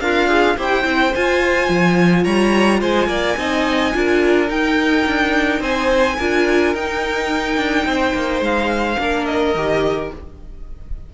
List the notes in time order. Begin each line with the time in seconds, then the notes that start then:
0.00 D4 F4 A#4 F5
0.27 G#4
0.57 E4 G4 C5 G5
0.83 C4 E4
1.14 F4 G#5
1.69 F3
2.23 G3 C#5 A#5
2.80 G#3 C5 G#5
3.07 A#3 D5
3.37 C4 D#4 D#5
3.94 D4 F4 A#4
4.47 D#4 G5
5.06 D4
5.60 C4 C5 G#5
6.17 D4 F4 A#4
6.74 D#4 G5
7.57 D4
7.85 C4 C5
8.14 A#3
8.40 G#3 F5
8.97 A#3 D4 A#4
9.25 D#5
9.54 D#3 G4